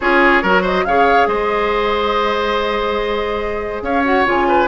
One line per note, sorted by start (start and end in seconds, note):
0.00 0.43 C#4
0.00 0.44 F4
0.00 0.42 G#4
0.00 0.64 C#5
0.42 0.85 F#3
0.42 0.86 F#4
0.42 0.62 A#4
0.62 0.83 C5
0.62 0.85 D#5
0.85 1.26 C#3
0.85 4.04 G#4
0.85 1.28 C#5
0.85 1.27 F5
1.26 3.82 G#3
1.26 3.83 C5
1.26 3.82 D#5
3.82 4.24 C#4
3.82 4.47 C#5
3.82 4.04 F5
4.04 4.25 F#4
4.04 4.26 F#5
4.25 4.68 C#3
4.25 4.67 F4
4.25 4.68 G#5
4.47 4.68 B4